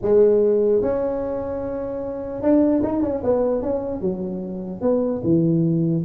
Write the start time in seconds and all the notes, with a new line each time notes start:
0.02 G#3
0.82 C#4
2.41 D4
2.83 D#4
3.02 C#4
3.23 B3
3.61 C#4
4.00 F#3
4.81 B3
5.23 E3